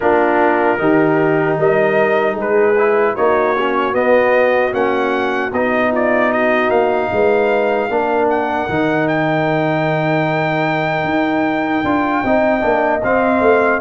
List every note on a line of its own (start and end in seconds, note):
0.00 0.79 A#3
0.00 0.77 D4
0.00 0.79 F4
0.00 1.57 A#4
0.77 1.58 D#3
0.77 2.75 D#4
0.77 1.58 G4
1.58 2.36 G3
1.58 2.33 A#4
1.58 2.39 D#5
2.33 3.15 G#3
2.33 3.12 G#4
2.40 3.15 B4
2.77 3.17 E4
3.15 3.94 A#3
3.15 3.56 D#4
3.15 5.91 F#4
3.15 3.94 C#5
3.58 3.92 C#4
3.92 4.71 B3
3.92 4.73 B3
3.92 4.73 D#5
4.72 5.52 A#3
4.72 5.50 C#4
4.72 5.52 F#5
5.52 6.69 B3
5.52 7.90 D#4
5.52 5.92 D#5
5.91 6.29 F4
5.91 6.32 D5
6.29 7.08 F#4
6.29 6.70 D#5
6.69 7.09 A#3
6.69 8.28 F5
7.12 7.89 G#3
7.12 7.90 B4
7.89 8.68 A#3
7.89 8.69 D4
7.89 12.24 A#4
8.29 9.08 F#5
8.68 11.04 D#3
8.68 11.84 D#4
9.08 13.02 G5
11.04 11.83 D#4
11.83 12.23 D4
11.83 12.24 F4
12.24 12.63 C4
12.24 12.60 D#4
12.24 13.81 D#5
12.60 13.03 A#3
12.60 12.99 D4
13.03 13.40 C4
13.03 13.81 C4
13.03 13.81 F5
13.40 13.79 A3